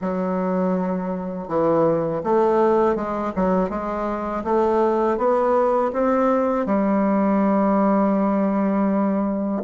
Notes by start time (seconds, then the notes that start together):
0.01 F#3
1.47 E3
2.23 A3
2.95 G#3
3.35 F#3
3.69 G#3
4.43 A3
5.17 B3
5.93 C4
6.66 G3